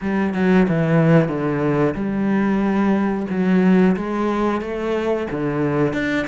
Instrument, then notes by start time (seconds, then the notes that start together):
cello
0.01 G3
0.34 F#3
0.68 E3
1.28 D3
1.94 G3
3.30 F#3
3.96 G#3
4.61 A3
5.30 D3
5.93 D4